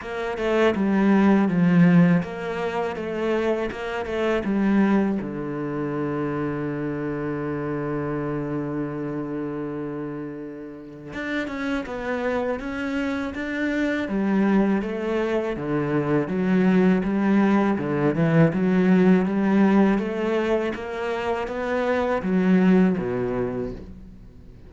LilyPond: \new Staff \with { instrumentName = "cello" } { \time 4/4 \tempo 4 = 81 ais8 a8 g4 f4 ais4 | a4 ais8 a8 g4 d4~ | d1~ | d2. d'8 cis'8 |
b4 cis'4 d'4 g4 | a4 d4 fis4 g4 | d8 e8 fis4 g4 a4 | ais4 b4 fis4 b,4 | }